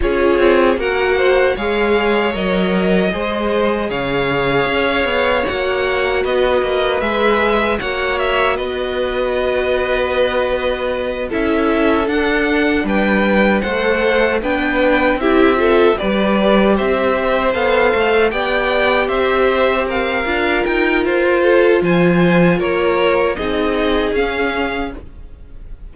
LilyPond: <<
  \new Staff \with { instrumentName = "violin" } { \time 4/4 \tempo 4 = 77 cis''4 fis''4 f''4 dis''4~ | dis''4 f''2 fis''4 | dis''4 e''4 fis''8 e''8 dis''4~ | dis''2~ dis''8 e''4 fis''8~ |
fis''8 g''4 fis''4 g''4 e''8~ | e''8 d''4 e''4 f''4 g''8~ | g''8 e''4 f''4 g''8 c''4 | gis''4 cis''4 dis''4 f''4 | }
  \new Staff \with { instrumentName = "violin" } { \time 4/4 gis'4 ais'8 c''8 cis''2 | c''4 cis''2. | b'2 cis''4 b'4~ | b'2~ b'8 a'4.~ |
a'8 b'4 c''4 b'4 g'8 | a'8 b'4 c''2 d''8~ | d''8 c''4 ais'2 a'8 | c''4 ais'4 gis'2 | }
  \new Staff \with { instrumentName = "viola" } { \time 4/4 f'4 fis'4 gis'4 ais'4 | gis'2. fis'4~ | fis'4 gis'4 fis'2~ | fis'2~ fis'8 e'4 d'8~ |
d'4. a'4 d'4 e'8 | f'8 g'2 a'4 g'8~ | g'2 f'2~ | f'2 dis'4 cis'4 | }
  \new Staff \with { instrumentName = "cello" } { \time 4/4 cis'8 c'8 ais4 gis4 fis4 | gis4 cis4 cis'8 b8 ais4 | b8 ais8 gis4 ais4 b4~ | b2~ b8 cis'4 d'8~ |
d'8 g4 a4 b4 c'8~ | c'8 g4 c'4 b8 a8 b8~ | b8 c'4. d'8 dis'8 f'4 | f4 ais4 c'4 cis'4 | }
>>